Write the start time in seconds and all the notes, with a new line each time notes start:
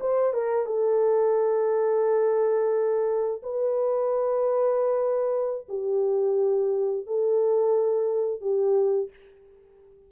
0.00 C5
0.33 A#4
0.66 A4
3.43 B4
5.69 G4
7.06 A4
8.41 G4